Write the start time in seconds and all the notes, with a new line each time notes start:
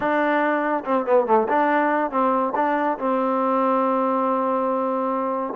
0.00 D4
0.85 C4
1.05 B3
1.26 A3
1.48 D4
2.10 C4
2.55 D4
2.98 C4